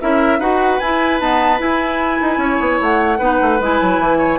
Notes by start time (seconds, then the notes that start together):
0.00 C#4 E4 A#4 E5
0.39 D#4 F#4 B4 F#5
0.79 E4 G#5
1.20 B3 D#4 A5
1.58 E4 G#5
2.21 D#4
2.37 C#4 C#5
2.60 B3
2.81 A3 F#5
3.18 B3 D#4 B4
3.42 A3
3.60 G#3 E4 G#5
3.81 F#3
3.99 E3
4.18 C#5